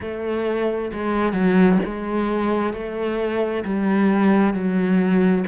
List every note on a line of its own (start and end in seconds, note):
0.00 0.91 A3
0.93 1.33 G#3
1.33 1.78 F#3
1.85 2.73 G#3
2.73 3.64 A3
3.64 4.53 G3
4.53 5.44 F#3